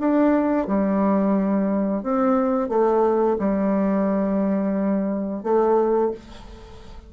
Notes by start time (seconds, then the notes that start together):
0.00 D4
0.68 G3
2.03 C4
2.69 A3
3.39 G3
5.44 A3